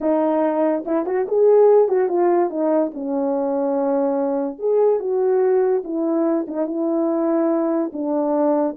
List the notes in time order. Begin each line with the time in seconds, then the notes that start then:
0.00 D#4
0.85 E4
1.06 F#4
1.27 G#4
1.88 F#4
2.08 F4
2.49 D#4
2.94 C#4
4.58 G#4
4.99 F#4
5.83 E4
6.47 D#4
6.66 E4
7.93 D4